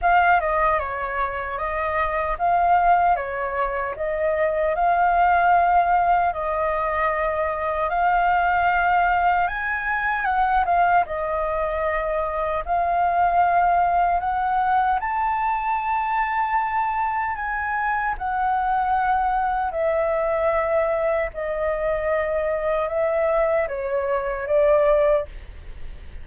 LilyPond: \new Staff \with { instrumentName = "flute" } { \time 4/4 \tempo 4 = 76 f''8 dis''8 cis''4 dis''4 f''4 | cis''4 dis''4 f''2 | dis''2 f''2 | gis''4 fis''8 f''8 dis''2 |
f''2 fis''4 a''4~ | a''2 gis''4 fis''4~ | fis''4 e''2 dis''4~ | dis''4 e''4 cis''4 d''4 | }